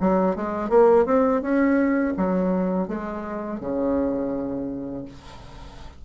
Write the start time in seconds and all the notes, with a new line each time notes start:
0.00 F#3
0.35 G#3
0.69 A#3
1.05 C4
1.41 C#4
2.17 F#3
2.88 G#3
3.60 C#3